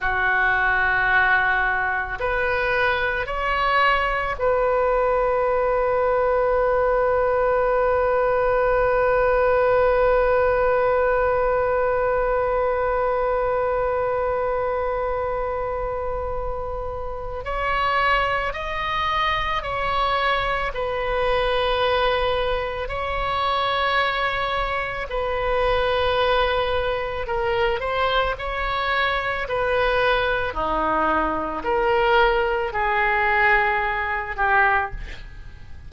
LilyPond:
\new Staff \with { instrumentName = "oboe" } { \time 4/4 \tempo 4 = 55 fis'2 b'4 cis''4 | b'1~ | b'1~ | b'1 |
cis''4 dis''4 cis''4 b'4~ | b'4 cis''2 b'4~ | b'4 ais'8 c''8 cis''4 b'4 | dis'4 ais'4 gis'4. g'8 | }